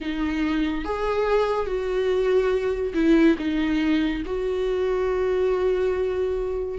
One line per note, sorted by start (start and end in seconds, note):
0.00 0.85 D#4
0.85 1.66 G#4
1.66 2.93 F#4
2.93 3.36 E4
3.38 4.23 D#4
4.25 6.78 F#4